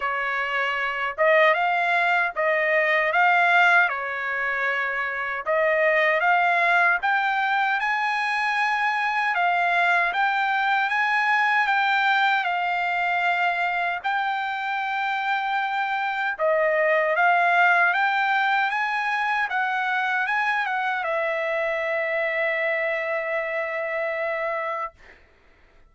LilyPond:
\new Staff \with { instrumentName = "trumpet" } { \time 4/4 \tempo 4 = 77 cis''4. dis''8 f''4 dis''4 | f''4 cis''2 dis''4 | f''4 g''4 gis''2 | f''4 g''4 gis''4 g''4 |
f''2 g''2~ | g''4 dis''4 f''4 g''4 | gis''4 fis''4 gis''8 fis''8 e''4~ | e''1 | }